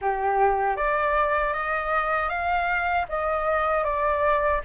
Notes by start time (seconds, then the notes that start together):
0.01 G4
0.76 D5
1.53 D#5
2.29 F5
3.08 D#5
3.84 D5